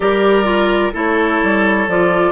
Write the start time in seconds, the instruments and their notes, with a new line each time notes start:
0.00 bassoon G3, clarinet G4, oboe A#4, flute D5
0.44 clarinet F4
0.93 bassoon A3, clarinet E4, oboe A4, flute C#5
1.42 bassoon G3
1.87 bassoon F3, clarinet F4, flute D5